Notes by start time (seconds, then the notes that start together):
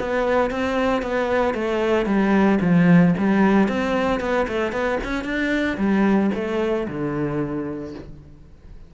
0.00 B3
0.51 C4
1.02 B3
1.54 A3
2.06 G3
2.61 F3
3.18 G3
3.68 C4
4.20 B3
4.48 A3
4.72 B3
5.04 C#4
5.24 D4
5.78 G3
6.35 A3
6.88 D3